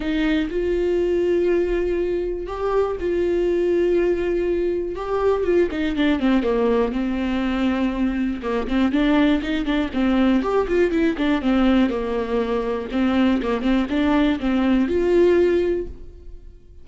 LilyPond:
\new Staff \with { instrumentName = "viola" } { \time 4/4 \tempo 4 = 121 dis'4 f'2.~ | f'4 g'4 f'2~ | f'2 g'4 f'8 dis'8 | d'8 c'8 ais4 c'2~ |
c'4 ais8 c'8 d'4 dis'8 d'8 | c'4 g'8 f'8 e'8 d'8 c'4 | ais2 c'4 ais8 c'8 | d'4 c'4 f'2 | }